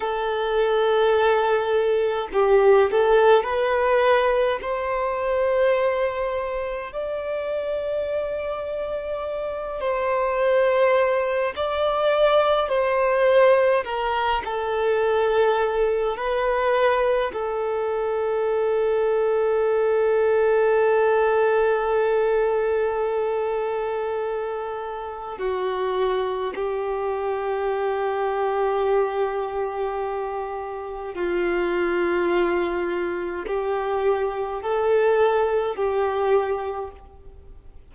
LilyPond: \new Staff \with { instrumentName = "violin" } { \time 4/4 \tempo 4 = 52 a'2 g'8 a'8 b'4 | c''2 d''2~ | d''8 c''4. d''4 c''4 | ais'8 a'4. b'4 a'4~ |
a'1~ | a'2 fis'4 g'4~ | g'2. f'4~ | f'4 g'4 a'4 g'4 | }